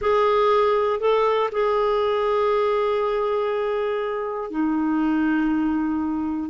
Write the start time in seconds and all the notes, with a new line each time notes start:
0.01 G#4
1.00 A4
1.51 G#4
4.50 D#4